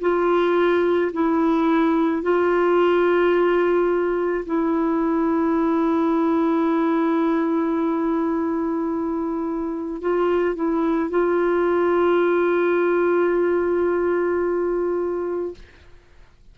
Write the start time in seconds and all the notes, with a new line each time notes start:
0.00 F4
1.12 E4
2.22 F4
4.45 E4
10.01 F4
10.55 E4
11.10 F4